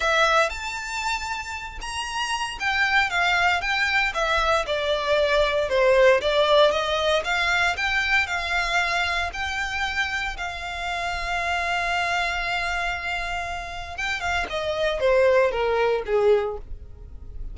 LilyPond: \new Staff \with { instrumentName = "violin" } { \time 4/4 \tempo 4 = 116 e''4 a''2~ a''8 ais''8~ | ais''4 g''4 f''4 g''4 | e''4 d''2 c''4 | d''4 dis''4 f''4 g''4 |
f''2 g''2 | f''1~ | f''2. g''8 f''8 | dis''4 c''4 ais'4 gis'4 | }